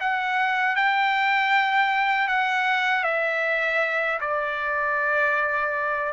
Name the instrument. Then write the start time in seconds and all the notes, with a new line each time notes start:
trumpet
0.00 F#5
0.76 G5
2.28 F#5
3.04 E5
4.20 D5